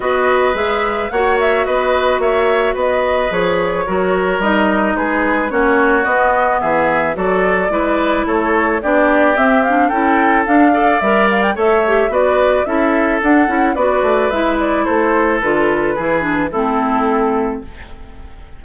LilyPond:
<<
  \new Staff \with { instrumentName = "flute" } { \time 4/4 \tempo 4 = 109 dis''4 e''4 fis''8 e''8 dis''4 | e''4 dis''4 cis''2 | dis''4 b'4 cis''4 dis''4 | e''4 d''2 cis''4 |
d''4 e''8 f''8 g''4 f''4 | e''8 f''16 g''16 e''4 d''4 e''4 | fis''4 d''4 e''8 d''8 c''4 | b'2 a'2 | }
  \new Staff \with { instrumentName = "oboe" } { \time 4/4 b'2 cis''4 b'4 | cis''4 b'2 ais'4~ | ais'4 gis'4 fis'2 | gis'4 a'4 b'4 a'4 |
g'2 a'4. d''8~ | d''4 cis''4 b'4 a'4~ | a'4 b'2 a'4~ | a'4 gis'4 e'2 | }
  \new Staff \with { instrumentName = "clarinet" } { \time 4/4 fis'4 gis'4 fis'2~ | fis'2 gis'4 fis'4 | dis'2 cis'4 b4~ | b4 fis'4 e'2 |
d'4 c'8 d'8 e'4 d'8 a'8 | ais'4 a'8 g'8 fis'4 e'4 | d'8 e'8 fis'4 e'2 | f'4 e'8 d'8 c'2 | }
  \new Staff \with { instrumentName = "bassoon" } { \time 4/4 b4 gis4 ais4 b4 | ais4 b4 f4 fis4 | g4 gis4 ais4 b4 | e4 fis4 gis4 a4 |
b4 c'4 cis'4 d'4 | g4 a4 b4 cis'4 | d'8 cis'8 b8 a8 gis4 a4 | d4 e4 a2 | }
>>